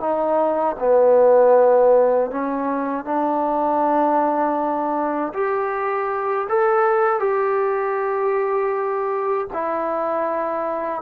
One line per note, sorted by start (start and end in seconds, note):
0.00 0.76 D#4
0.79 2.31 B3
2.31 3.05 C#4
3.05 5.33 D4
5.34 6.48 G4
6.49 7.19 A4
7.19 9.47 G4
9.53 11.02 E4